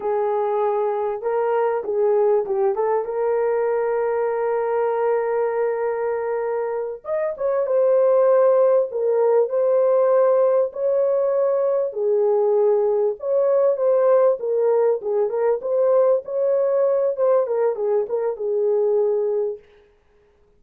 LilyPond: \new Staff \with { instrumentName = "horn" } { \time 4/4 \tempo 4 = 98 gis'2 ais'4 gis'4 | g'8 a'8 ais'2.~ | ais'2.~ ais'8 dis''8 | cis''8 c''2 ais'4 c''8~ |
c''4. cis''2 gis'8~ | gis'4. cis''4 c''4 ais'8~ | ais'8 gis'8 ais'8 c''4 cis''4. | c''8 ais'8 gis'8 ais'8 gis'2 | }